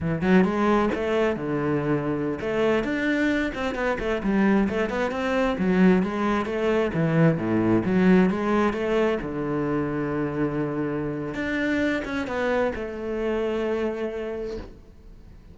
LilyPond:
\new Staff \with { instrumentName = "cello" } { \time 4/4 \tempo 4 = 132 e8 fis8 gis4 a4 d4~ | d4~ d16 a4 d'4. c'16~ | c'16 b8 a8 g4 a8 b8 c'8.~ | c'16 fis4 gis4 a4 e8.~ |
e16 a,4 fis4 gis4 a8.~ | a16 d2.~ d8.~ | d4 d'4. cis'8 b4 | a1 | }